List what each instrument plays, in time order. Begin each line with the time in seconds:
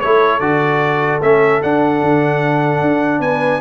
0.00 tuba A3, trombone E4, horn A4, trumpet C#5
0.40 tuba D3, trombone F#4, trumpet D5
1.21 tuba A3, trombone C#4, trumpet E5
1.62 trombone D4, tuba D4, trumpet F#5
2.01 tuba D3
2.81 tuba D4
3.19 tuba B3, horn B4, trumpet G#5